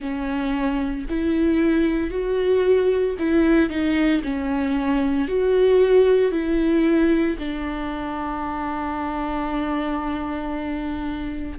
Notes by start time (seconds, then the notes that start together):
0.00 C#4
1.09 E4
2.10 F#4
3.18 E4
3.69 D#4
4.23 C#4
5.27 F#4
6.31 E4
7.39 D4